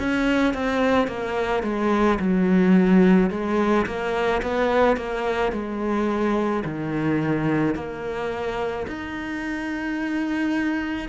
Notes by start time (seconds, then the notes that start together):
0.00 C#4
0.54 C4
1.08 A#3
1.63 G#3
2.20 F#3
3.30 G#3
3.86 A#3
4.42 B3
4.97 A#3
5.53 G#3
6.65 D#3
7.75 A#3
8.88 D#4